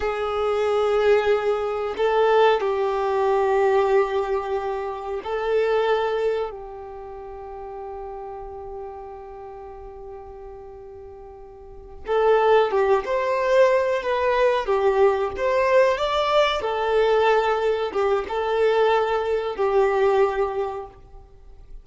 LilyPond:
\new Staff \with { instrumentName = "violin" } { \time 4/4 \tempo 4 = 92 gis'2. a'4 | g'1 | a'2 g'2~ | g'1~ |
g'2~ g'8 a'4 g'8 | c''4. b'4 g'4 c''8~ | c''8 d''4 a'2 g'8 | a'2 g'2 | }